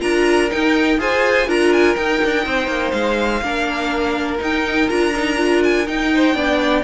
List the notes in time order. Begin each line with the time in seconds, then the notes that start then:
0.00 D4 F4 A#4 A#5
0.51 D#4 G5
0.98 F4 G#4 C5 G#5
1.47 D4 F4 A#4 A#5
1.73 G#5
1.96 D#4 G5
2.24 D4
2.46 C4 C5
2.68 A#3
2.91 G#3 F5
3.42 A#3 D4 A#4
4.39 D#4 G5
4.89 D4 F4 A#5
5.16 D#4
5.37 F4
5.64 G#5
5.87 D#4 G5
6.14 C5
6.35 B3 D4 D5